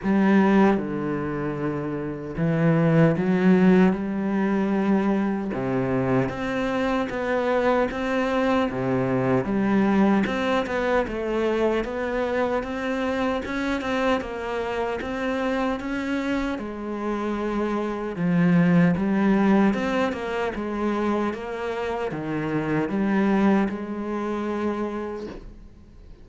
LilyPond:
\new Staff \with { instrumentName = "cello" } { \time 4/4 \tempo 4 = 76 g4 d2 e4 | fis4 g2 c4 | c'4 b4 c'4 c4 | g4 c'8 b8 a4 b4 |
c'4 cis'8 c'8 ais4 c'4 | cis'4 gis2 f4 | g4 c'8 ais8 gis4 ais4 | dis4 g4 gis2 | }